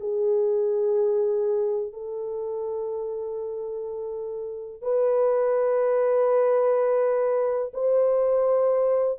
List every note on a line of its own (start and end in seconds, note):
0.00 1.93 G#4
1.93 4.82 A4
4.82 7.72 B4
7.73 9.18 C5